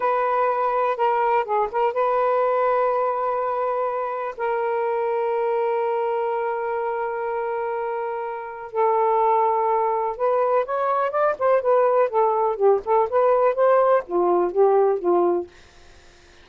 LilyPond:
\new Staff \with { instrumentName = "saxophone" } { \time 4/4 \tempo 4 = 124 b'2 ais'4 gis'8 ais'8 | b'1~ | b'4 ais'2.~ | ais'1~ |
ais'2 a'2~ | a'4 b'4 cis''4 d''8 c''8 | b'4 a'4 g'8 a'8 b'4 | c''4 f'4 g'4 f'4 | }